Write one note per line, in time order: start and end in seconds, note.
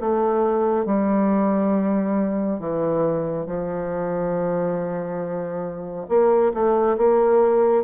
0.00 0.85 A3
0.85 2.59 G3
2.59 3.45 E3
3.45 6.06 F3
6.08 6.51 A#3
6.53 6.97 A3
6.97 7.83 A#3